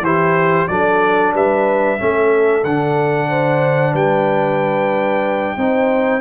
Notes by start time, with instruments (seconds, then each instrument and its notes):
0.00 tuba E3, trombone E4, horn G4, trumpet C5
0.67 tuba F#3, trombone D4, horn A4, trumpet D5
1.33 tuba G3, horn B4, trumpet E5
1.98 tuba A3, trombone C#4, horn A4
2.64 tuba D3, trombone D4, trumpet F#5
3.29 horn C5
3.92 tuba G3, horn B4, trumpet G5
5.57 tuba C4, trombone D#4, horn C5